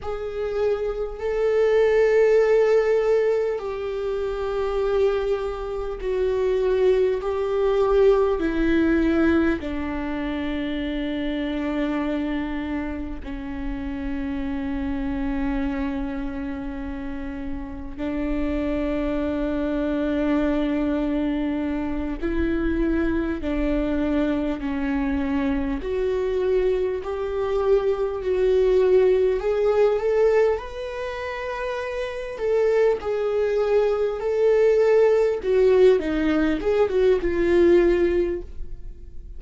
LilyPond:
\new Staff \with { instrumentName = "viola" } { \time 4/4 \tempo 4 = 50 gis'4 a'2 g'4~ | g'4 fis'4 g'4 e'4 | d'2. cis'4~ | cis'2. d'4~ |
d'2~ d'8 e'4 d'8~ | d'8 cis'4 fis'4 g'4 fis'8~ | fis'8 gis'8 a'8 b'4. a'8 gis'8~ | gis'8 a'4 fis'8 dis'8 gis'16 fis'16 f'4 | }